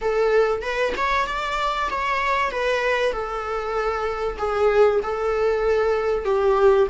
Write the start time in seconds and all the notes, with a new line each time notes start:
0.01 A4
0.62 B4
0.96 C#5
1.26 D5
1.90 C#5
2.51 B4
3.12 A4
4.38 G#4
5.02 A4
6.24 G4